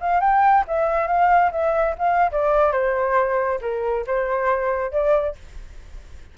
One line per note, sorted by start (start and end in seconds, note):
0.00 0.20 F5
0.20 0.64 G5
0.67 1.07 E5
1.07 1.51 F5
1.51 1.95 E5
1.98 2.31 F5
2.31 2.72 D5
2.72 3.59 C5
3.61 4.05 A#4
4.07 4.91 C5
4.91 5.35 D5